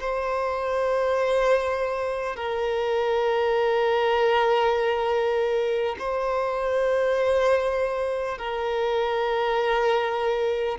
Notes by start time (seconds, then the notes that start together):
0.00 C5
2.36 A#4
5.99 C5
8.38 A#4